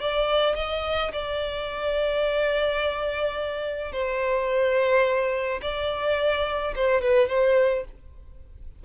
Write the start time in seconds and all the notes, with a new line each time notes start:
0.00 D5
0.56 D#5
1.13 D5
3.92 C5
5.62 D5
6.75 C5
7.01 B4
7.28 C5